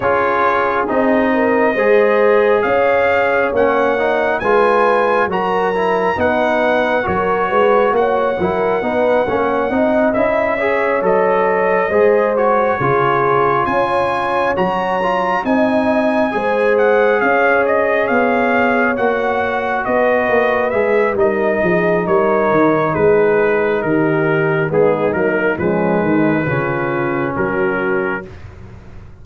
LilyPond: <<
  \new Staff \with { instrumentName = "trumpet" } { \time 4/4 \tempo 4 = 68 cis''4 dis''2 f''4 | fis''4 gis''4 ais''4 fis''4 | cis''4 fis''2~ fis''8 e''8~ | e''8 dis''4. cis''4. gis''8~ |
gis''8 ais''4 gis''4. fis''8 f''8 | dis''8 f''4 fis''4 dis''4 e''8 | dis''4 cis''4 b'4 ais'4 | gis'8 ais'8 b'2 ais'4 | }
  \new Staff \with { instrumentName = "horn" } { \time 4/4 gis'4. ais'8 c''4 cis''4~ | cis''4 b'4 ais'4 b'4 | ais'8 b'8 cis''8 ais'8 b'8 cis''8 dis''4 | cis''4. c''4 gis'4 cis''8~ |
cis''4. dis''4 c''4 cis''8~ | cis''2~ cis''8 b'4. | ais'8 gis'8 ais'4 gis'4 g'4 | dis'4 cis'8 dis'8 f'4 fis'4 | }
  \new Staff \with { instrumentName = "trombone" } { \time 4/4 f'4 dis'4 gis'2 | cis'8 dis'8 f'4 fis'8 e'8 dis'4 | fis'4. e'8 dis'8 cis'8 dis'8 e'8 | gis'8 a'4 gis'8 fis'8 f'4.~ |
f'8 fis'8 f'8 dis'4 gis'4.~ | gis'4. fis'2 gis'8 | dis'1 | b8 ais8 gis4 cis'2 | }
  \new Staff \with { instrumentName = "tuba" } { \time 4/4 cis'4 c'4 gis4 cis'4 | ais4 gis4 fis4 b4 | fis8 gis8 ais8 fis8 b8 ais8 c'8 cis'8~ | cis'8 fis4 gis4 cis4 cis'8~ |
cis'8 fis4 c'4 gis4 cis'8~ | cis'8 b4 ais4 b8 ais8 gis8 | g8 f8 g8 dis8 gis4 dis4 | gis8 fis8 f8 dis8 cis4 fis4 | }
>>